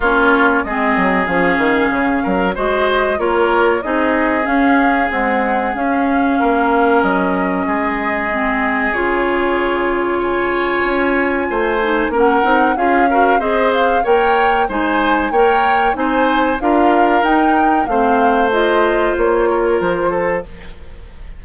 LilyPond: <<
  \new Staff \with { instrumentName = "flute" } { \time 4/4 \tempo 4 = 94 cis''4 dis''4 f''2 | dis''4 cis''4 dis''4 f''4 | fis''4 f''2 dis''4~ | dis''2 cis''2 |
gis''2. fis''4 | f''4 dis''8 f''8 g''4 gis''4 | g''4 gis''4 f''4 g''4 | f''4 dis''4 cis''4 c''4 | }
  \new Staff \with { instrumentName = "oboe" } { \time 4/4 f'4 gis'2~ gis'8 ais'8 | c''4 ais'4 gis'2~ | gis'2 ais'2 | gis'1 |
cis''2 c''4 ais'4 | gis'8 ais'8 c''4 cis''4 c''4 | cis''4 c''4 ais'2 | c''2~ c''8 ais'4 a'8 | }
  \new Staff \with { instrumentName = "clarinet" } { \time 4/4 cis'4 c'4 cis'2 | fis'4 f'4 dis'4 cis'4 | gis4 cis'2.~ | cis'4 c'4 f'2~ |
f'2~ f'8 dis'8 cis'8 dis'8 | f'8 fis'8 gis'4 ais'4 dis'4 | ais'4 dis'4 f'4 dis'4 | c'4 f'2. | }
  \new Staff \with { instrumentName = "bassoon" } { \time 4/4 ais4 gis8 fis8 f8 dis8 cis8 fis8 | gis4 ais4 c'4 cis'4 | c'4 cis'4 ais4 fis4 | gis2 cis2~ |
cis4 cis'4 a4 ais8 c'8 | cis'4 c'4 ais4 gis4 | ais4 c'4 d'4 dis'4 | a2 ais4 f4 | }
>>